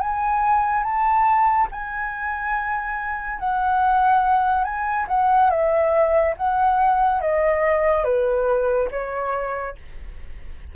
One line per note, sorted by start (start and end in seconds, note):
0.00 0.83 G#5
0.83 1.68 A5
1.71 3.40 G#5
3.40 4.64 F#5
4.64 5.07 G#5
5.08 5.50 F#5
5.50 6.35 E5
6.37 7.21 F#5
7.21 8.04 D#5
8.04 8.89 B4
8.91 9.76 C#5